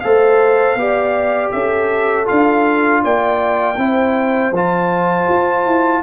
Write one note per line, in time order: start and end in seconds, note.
0.00 0.75 A3
0.00 0.77 A4
0.00 0.79 C5
0.00 1.50 F5
0.75 1.50 B3
0.75 2.25 G4
0.75 1.54 D5
1.51 2.28 C#4
1.51 3.02 A4
1.51 2.26 E5
2.25 3.04 D4
2.25 3.75 F4
2.25 3.03 F5
3.02 3.77 A#3
3.02 3.77 D5
3.02 4.54 G5
3.77 4.51 C4
3.77 4.53 E4
3.77 6.03 C5
4.51 5.26 F3
4.51 6.03 F4
4.51 6.03 A5
5.29 5.66 F4
5.66 6.03 E4